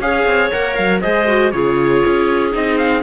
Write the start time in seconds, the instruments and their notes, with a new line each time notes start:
0.00 cello C#4, viola G#4, clarinet C#5, trumpet F5
0.26 cello C4
0.51 cello A#3, viola A#4, trumpet F#5
0.76 cello F#3, trumpet F5
1.01 cello G#3, viola G#4, clarinet C5, trumpet D#5
1.28 viola F#4
1.52 cello C#3, viola F4, clarinet G#4, trumpet C#5
2.06 cello C#4
2.52 cello C4, viola D#4, trumpet D#5
2.78 trumpet F5